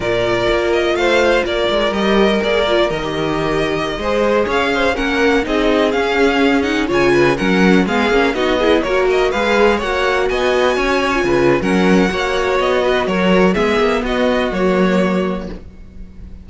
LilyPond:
<<
  \new Staff \with { instrumentName = "violin" } { \time 4/4 \tempo 4 = 124 d''4. dis''8 f''4 d''4 | dis''4 d''4 dis''2~ | dis''4~ dis''16 f''4 fis''4 dis''8.~ | dis''16 f''4. fis''8 gis''4 fis''8.~ |
fis''16 f''4 dis''4 cis''8 dis''8 f''8.~ | f''16 fis''4 gis''2~ gis''8. | fis''2 dis''4 cis''4 | e''4 dis''4 cis''2 | }
  \new Staff \with { instrumentName = "violin" } { \time 4/4 ais'2 c''4 ais'4~ | ais'1~ | ais'16 c''4 cis''8 c''8 ais'4 gis'8.~ | gis'2~ gis'16 cis''8 b'8 ais'8.~ |
ais'16 gis'4 fis'8 gis'8 ais'4 b'8.~ | b'16 cis''4 dis''4 cis''4 b'8. | ais'4 cis''4. b'8 ais'4 | gis'4 fis'2. | }
  \new Staff \with { instrumentName = "viola" } { \time 4/4 f'1 | g'4 gis'8 f'8 ais'16 g'4.~ g'16~ | g'16 gis'2 cis'4 dis'8.~ | dis'16 cis'4. dis'8 f'4 cis'8.~ |
cis'16 b8 cis'8 dis'8 e'8 fis'4 gis'8.~ | gis'16 fis'2~ fis'8. f'4 | cis'4 fis'2. | b2 ais2 | }
  \new Staff \with { instrumentName = "cello" } { \time 4/4 ais,4 ais4 a4 ais8 gis8 | g4 ais4 dis2~ | dis16 gis4 cis'4 ais4 c'8.~ | c'16 cis'2 cis4 fis8.~ |
fis16 gis8 ais8 b4 ais4 gis8.~ | gis16 ais4 b4 cis'4 cis8. | fis4 ais4 b4 fis4 | gis8 ais8 b4 fis2 | }
>>